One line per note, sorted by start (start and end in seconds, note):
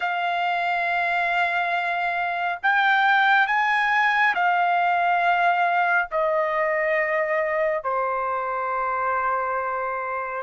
0.00 2.58 F5
2.62 3.47 G5
3.47 4.34 G#5
4.34 6.08 F5
6.11 7.83 D#5
7.83 10.43 C5